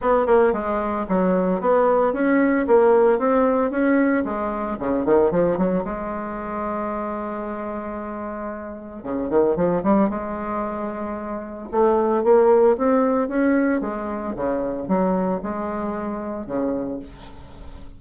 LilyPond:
\new Staff \with { instrumentName = "bassoon" } { \time 4/4 \tempo 4 = 113 b8 ais8 gis4 fis4 b4 | cis'4 ais4 c'4 cis'4 | gis4 cis8 dis8 f8 fis8 gis4~ | gis1~ |
gis4 cis8 dis8 f8 g8 gis4~ | gis2 a4 ais4 | c'4 cis'4 gis4 cis4 | fis4 gis2 cis4 | }